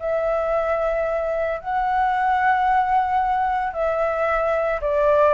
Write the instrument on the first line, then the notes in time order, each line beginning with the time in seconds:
flute
0.00 E5
1.61 F#5
3.74 E5
4.81 D5